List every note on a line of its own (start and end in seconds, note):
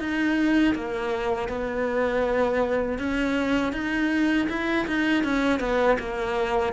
0.00 0.75 D#4
0.75 1.49 A#3
1.49 2.99 B3
2.99 3.73 C#4
3.73 4.48 D#4
4.49 4.87 E4
4.88 5.24 D#4
5.24 5.60 C#4
5.60 5.98 B3
5.99 6.73 A#3